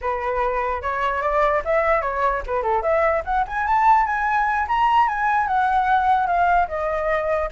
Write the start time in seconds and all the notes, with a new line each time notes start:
0.01 B4
0.81 C#5
1.21 D5
1.65 E5
2.01 C#5
2.46 B4
2.62 A4
2.82 E5
3.24 F#5
3.47 G#5
3.67 A5
4.06 G#5
4.68 A#5
5.08 G#5
5.47 F#5
6.26 F5
6.68 D#5